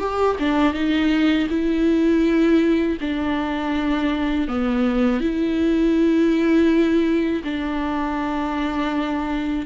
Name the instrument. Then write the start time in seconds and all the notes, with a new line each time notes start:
viola
0.00 G4
0.40 D4
0.74 D#4
1.50 E4
3.01 D4
4.48 B3
5.21 E4
7.44 D4